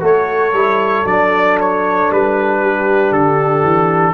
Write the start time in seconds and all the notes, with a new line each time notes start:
0.00 A3 F#4 A4 C#5
0.54 G3 E4
1.06 F#3 D4 D5
1.60 C#5
2.11 G3 B4
2.62 G4
3.12 D3 A4
3.64 E3